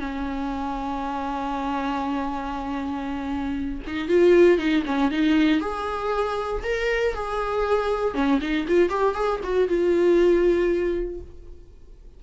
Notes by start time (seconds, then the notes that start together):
0.00 C#4
3.87 D#4
4.09 F4
4.59 D#4
4.86 C#4
5.11 D#4
5.61 G#4
6.64 A#4
7.15 G#4
8.14 C#4
8.41 D#4
8.68 F4
8.90 G4
9.15 G#4
9.44 F#4
9.68 F4